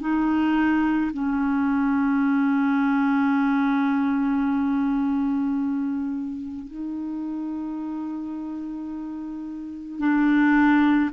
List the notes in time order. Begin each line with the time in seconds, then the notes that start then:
0.00 D#4
1.13 C#4
6.67 D#4
9.99 D4